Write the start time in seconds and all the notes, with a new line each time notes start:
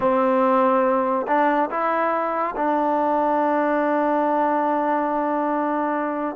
0.00 C4
1.27 D4
1.70 E4
2.55 D4